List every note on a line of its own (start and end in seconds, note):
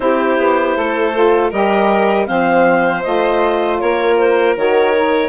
0.00 0.37 C4
0.00 1.12 E4
0.00 0.77 G4
0.00 1.50 C5
0.37 0.75 B3
0.76 1.52 A3
0.76 1.50 A4
1.13 1.51 F4
1.50 2.28 G3
1.50 2.26 G4
1.50 2.26 A#4
1.50 2.26 D#5
2.26 3.04 F3
2.26 3.02 C4
2.26 3.80 C5
2.26 3.02 F5
3.02 3.81 A3
3.02 4.55 F4
3.02 3.78 D#5
3.78 4.56 A#3
3.78 5.28 A#4
3.78 4.16 C#5
4.17 4.55 C5
4.56 5.28 D#3
4.56 4.93 F#4
4.56 5.28 C#5
4.93 5.28 D#4